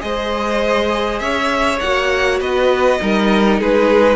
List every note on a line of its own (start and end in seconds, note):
0.00 1.21 G#3
0.00 1.78 G#4
0.00 1.22 C5
0.00 1.19 D#5
1.19 1.80 C#4
1.19 2.40 C#5
1.19 1.79 E5
1.80 2.40 A#3
1.80 2.99 F#4
1.80 2.39 F#5
2.40 3.00 B3
2.40 3.00 B4
2.40 3.60 D#5
2.99 3.60 G3
2.99 4.16 D#4
2.99 3.60 A#4
3.60 4.16 G#3
3.60 4.16 G#4
3.60 4.16 B4